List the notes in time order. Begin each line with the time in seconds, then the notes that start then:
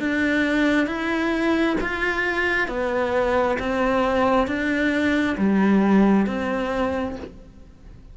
0.00 D4
0.87 E4
1.81 F4
2.69 B3
3.59 C4
4.47 D4
5.38 G3
6.27 C4